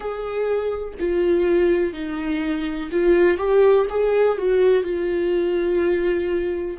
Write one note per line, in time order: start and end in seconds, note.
0.00 0.93 G#4
0.99 1.93 F4
1.93 2.89 D#4
2.91 3.37 F4
3.37 3.85 G4
3.89 4.38 G#4
4.38 4.83 F#4
4.83 6.77 F4